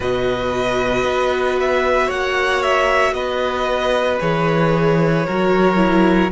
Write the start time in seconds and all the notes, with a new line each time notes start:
0.00 B2 F#4 B4 D#5
1.04 B3
1.59 E5
2.07 A#3 C#5 F#5
2.62 E5
3.12 B3 B4 D#5
4.19 E3 G#4 C#5
5.26 F#3 F#4 A#4
5.76 E4